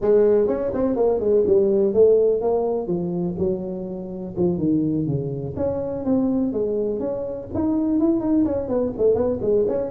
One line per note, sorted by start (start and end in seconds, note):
0.01 0.47 G#3
0.47 0.71 C#4
0.73 0.95 C4
0.95 1.20 A#3
1.20 1.44 G#3
1.46 1.93 G3
1.93 2.41 A3
2.41 2.87 A#3
2.87 3.35 F3
3.38 4.35 F#3
4.37 4.58 F3
4.58 5.06 D#3
5.06 5.54 C#3
5.56 6.04 C#4
6.04 6.52 C4
6.52 6.99 G#3
6.99 7.48 C#4
7.54 7.99 D#4
7.99 8.20 E4
8.20 8.44 D#4
8.45 8.68 C#4
8.68 8.92 B3
8.97 9.15 A3
9.15 9.39 B3
9.41 9.65 G#3
9.68 9.90 C#4